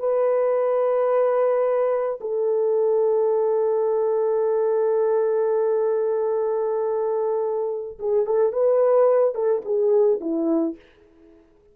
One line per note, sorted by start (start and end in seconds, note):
0.00 2.20 B4
2.21 7.99 A4
8.00 8.26 G#4
8.26 8.53 A4
8.53 9.35 B4
9.35 9.63 A4
9.65 10.20 G#4
10.21 10.76 E4